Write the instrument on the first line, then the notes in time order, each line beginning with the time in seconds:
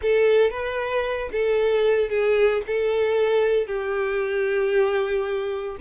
violin
0.01 A4
0.50 B4
1.32 A4
2.09 G#4
2.66 A4
3.66 G4